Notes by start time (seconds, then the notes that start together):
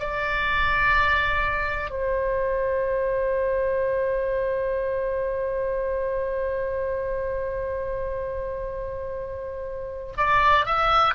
0.00 D5
1.91 C5
10.18 D5
10.66 E5